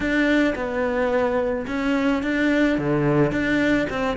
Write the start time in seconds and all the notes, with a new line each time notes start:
0.00 D4
0.55 B3
1.67 C#4
2.22 D4
2.78 D3
3.31 D4
3.89 C4